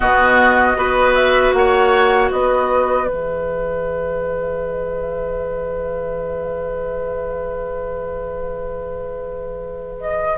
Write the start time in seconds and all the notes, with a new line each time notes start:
0.00 B2 B3 F#4 D#5
0.76 B3 F#4 B4
1.14 E5
1.53 A#3 C#5 F#5
2.30 B3 B4 D#5
3.06 E3 G#4 E5
10.00 D#5